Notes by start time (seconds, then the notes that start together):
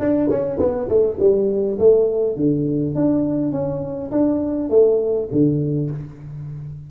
0.00 D4
0.30 C#4
0.59 B3
0.89 A3
1.20 G3
1.79 A3
2.36 D3
2.95 D4
3.52 C#4
4.11 D4
4.70 A3
5.32 D3